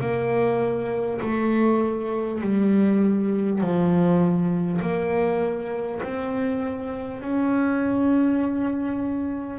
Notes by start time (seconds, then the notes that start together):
0.00 A#3
1.21 A3
2.41 G3
3.60 F3
4.81 A#3
6.02 C4
7.21 C#4